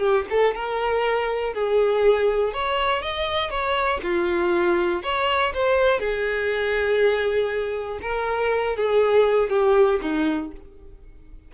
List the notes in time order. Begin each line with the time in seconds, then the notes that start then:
0.00 G4
0.30 A4
0.55 A#4
1.54 G#4
2.53 C#5
3.02 D#5
3.50 C#5
4.02 F4
5.02 C#5
5.54 C5
5.99 G#4
8.01 A#4
8.76 G#4
9.50 G4
10.02 D#4